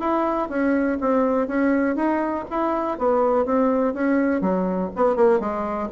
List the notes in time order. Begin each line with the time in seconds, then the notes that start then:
0.00 E4
0.49 C#4
1.01 C4
1.47 C#4
1.96 D#4
2.50 E4
2.98 B3
3.46 C4
3.94 C#4
4.41 F#3
4.96 B3
5.16 A#3
5.40 G#3